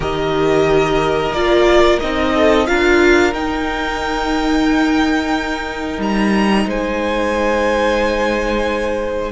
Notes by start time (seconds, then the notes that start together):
0.00 D#3 G4 A#4 D#5
1.31 A#3 F4 D5
1.99 C4 D#4 D#5
2.33 A4
2.66 D4 F4 A#4 F5
3.33 D#4 G5
5.98 G3 A#5
6.65 G#3 C5 G#5